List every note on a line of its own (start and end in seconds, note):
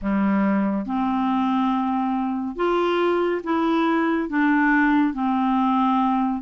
0.01 0.86 G3
0.86 2.56 C4
2.56 3.41 F4
3.43 4.29 E4
4.29 5.13 D4
5.13 6.42 C4